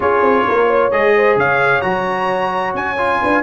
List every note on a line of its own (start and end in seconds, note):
0.00 0.20 C#4
0.00 0.91 F4
0.00 0.46 G#4
0.00 0.91 C#5
0.20 0.43 C4
0.47 0.91 A#3
0.47 0.67 A#4
0.67 1.12 C#5
0.91 1.36 G#3
0.91 1.82 G#4
0.91 1.37 D#5
1.16 1.38 C5
1.36 1.82 C#3
1.36 3.20 C#5
1.36 1.81 F5
1.81 2.74 F#3
1.81 2.96 F#4
1.81 2.73 A#5
2.74 3.20 C#4
2.74 3.42 G#5
2.97 3.42 F4
3.20 3.42 D4
3.20 3.42 B4